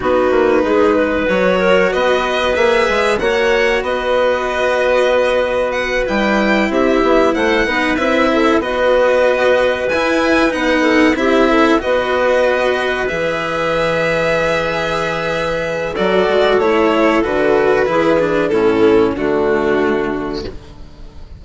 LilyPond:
<<
  \new Staff \with { instrumentName = "violin" } { \time 4/4 \tempo 4 = 94 b'2 cis''4 dis''4 | e''4 fis''4 dis''2~ | dis''4 fis''8 g''4 e''4 fis''8~ | fis''8 e''4 dis''2 gis''8~ |
gis''8 fis''4 e''4 dis''4.~ | dis''8 e''2.~ e''8~ | e''4 d''4 cis''4 b'4~ | b'4 a'4 fis'2 | }
  \new Staff \with { instrumentName = "clarinet" } { \time 4/4 fis'4 gis'8 b'4 ais'8 b'4~ | b'4 cis''4 b'2~ | b'2~ b'8 g'4 c''8 | b'4 a'8 b'2~ b'8~ |
b'4 a'8 g'8 a'8 b'4.~ | b'1~ | b'4 a'2. | gis'4 e'4 d'2 | }
  \new Staff \with { instrumentName = "cello" } { \time 4/4 dis'2 fis'2 | gis'4 fis'2.~ | fis'4. e'2~ e'8 | dis'8 e'4 fis'2 e'8~ |
e'8 dis'4 e'4 fis'4.~ | fis'8 gis'2.~ gis'8~ | gis'4 fis'4 e'4 fis'4 | e'8 d'8 cis'4 a2 | }
  \new Staff \with { instrumentName = "bassoon" } { \time 4/4 b8 ais8 gis4 fis4 b4 | ais8 gis8 ais4 b2~ | b4. g4 c'8 b8 a8 | b8 c'4 b2 e'8~ |
e'8 b4 c'4 b4.~ | b8 e2.~ e8~ | e4 fis8 gis8 a4 d4 | e4 a,4 d2 | }
>>